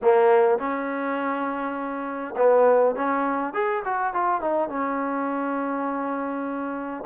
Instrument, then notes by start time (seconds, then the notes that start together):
trombone
0.02 A#3
0.58 C#4
2.36 B3
2.95 C#4
3.53 G#4
3.84 F#4
4.13 F4
4.41 D#4
4.68 C#4